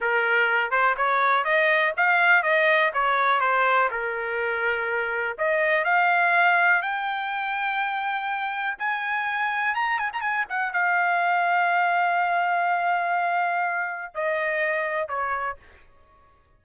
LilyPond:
\new Staff \with { instrumentName = "trumpet" } { \time 4/4 \tempo 4 = 123 ais'4. c''8 cis''4 dis''4 | f''4 dis''4 cis''4 c''4 | ais'2. dis''4 | f''2 g''2~ |
g''2 gis''2 | ais''8 gis''16 ais''16 gis''8 fis''8 f''2~ | f''1~ | f''4 dis''2 cis''4 | }